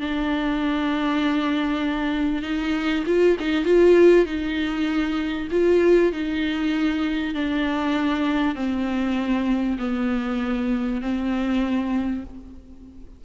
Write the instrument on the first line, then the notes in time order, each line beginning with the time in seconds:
viola
0.00 D4
2.43 D#4
3.07 F4
3.40 D#4
3.65 F4
4.26 D#4
5.52 F4
6.12 D#4
7.34 D4
8.55 C4
9.79 B3
11.01 C4